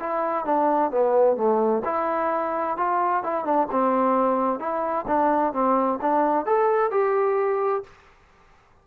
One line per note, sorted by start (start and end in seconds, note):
0.00 0.45 E4
0.45 0.91 D4
0.91 1.37 B3
1.37 1.83 A3
1.85 2.77 E4
2.77 3.23 F4
3.24 3.45 E4
3.45 3.68 D4
3.72 4.60 C4
4.60 5.06 E4
5.08 5.53 D4
5.53 5.99 C4
6.02 6.46 D4
6.46 6.91 A4
6.91 7.84 G4